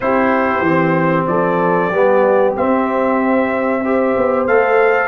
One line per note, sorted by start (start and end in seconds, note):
0.00 0.61 C4
0.00 0.64 E4
0.00 1.29 G4
0.00 1.26 C5
0.61 1.24 E3
0.61 1.93 C4
1.26 1.90 F3
1.26 1.90 A4
1.26 2.54 D5
1.90 2.54 G3
1.90 2.56 B3
1.90 3.81 G4
2.56 4.16 C4
2.56 3.84 C4
2.56 4.46 E5
3.83 4.48 G4
3.83 5.07 C5
4.17 4.47 B3
4.46 5.07 A3
4.46 5.07 A4
4.46 5.07 F5